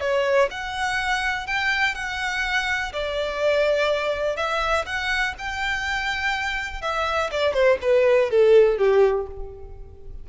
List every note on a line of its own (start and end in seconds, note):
0.00 0.49 C#5
0.51 1.46 F#5
1.46 1.94 G5
1.94 2.92 F#5
2.93 4.36 D5
4.36 4.85 E5
4.86 5.34 F#5
5.38 6.81 G5
6.81 7.30 E5
7.31 7.53 D5
7.53 7.78 C5
7.81 8.30 B4
8.30 8.78 A4
8.78 9.27 G4